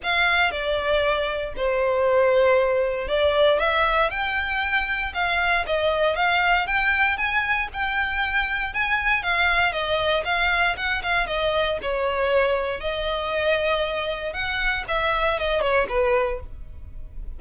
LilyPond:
\new Staff \with { instrumentName = "violin" } { \time 4/4 \tempo 4 = 117 f''4 d''2 c''4~ | c''2 d''4 e''4 | g''2 f''4 dis''4 | f''4 g''4 gis''4 g''4~ |
g''4 gis''4 f''4 dis''4 | f''4 fis''8 f''8 dis''4 cis''4~ | cis''4 dis''2. | fis''4 e''4 dis''8 cis''8 b'4 | }